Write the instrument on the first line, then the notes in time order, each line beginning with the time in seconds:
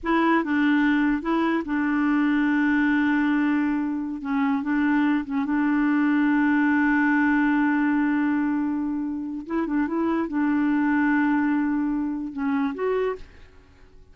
clarinet
0.03 E4
0.44 D4
1.22 E4
1.65 D4
4.21 C#4
4.62 D4
5.25 C#4
5.45 D4
9.46 E4
9.66 D4
9.87 E4
10.28 D4
12.32 C#4
12.74 F#4